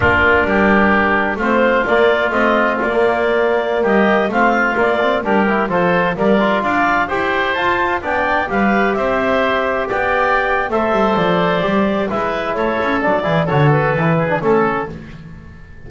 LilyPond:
<<
  \new Staff \with { instrumentName = "clarinet" } { \time 4/4 \tempo 4 = 129 ais'2. c''4 | d''4 dis''4 d''2~ | d''16 dis''4 f''4 d''4 ais'8.~ | ais'16 c''4 d''4 f''4 g''8.~ |
g''16 a''4 g''4 f''4 e''8.~ | e''4~ e''16 g''4.~ g''16 e''4 | d''2 e''4 cis''4 | d''4 cis''8 b'4. a'4 | }
  \new Staff \with { instrumentName = "oboe" } { \time 4/4 f'4 g'2 f'4~ | f'1~ | f'16 g'4 f'2 g'8.~ | g'16 a'4 ais'4 d''4 c''8.~ |
c''4~ c''16 d''4 b'4 c''8.~ | c''4~ c''16 d''4.~ d''16 c''4~ | c''2 b'4 a'4~ | a'8 gis'8 a'4. gis'8 a'4 | }
  \new Staff \with { instrumentName = "trombone" } { \time 4/4 d'2. c'4 | ais4 c'4~ c'16 ais4.~ ais16~ | ais4~ ais16 c'4 ais8 c'8 d'8 e'16~ | e'16 f'4 ais8 f'4. g'8.~ |
g'16 f'4 d'4 g'4.~ g'16~ | g'2. a'4~ | a'4 g'4 e'2 | d'8 e'8 fis'4 e'8. d'16 cis'4 | }
  \new Staff \with { instrumentName = "double bass" } { \time 4/4 ais4 g2 a4 | ais4 a4 ais2~ | ais16 g4 a4 ais4 g8.~ | g16 f4 g4 d'4 e'8.~ |
e'16 f'4 b4 g4 c'8.~ | c'4~ c'16 b4.~ b16 a8 g8 | f4 g4 gis4 a8 cis'8 | fis8 e8 d4 e4 a4 | }
>>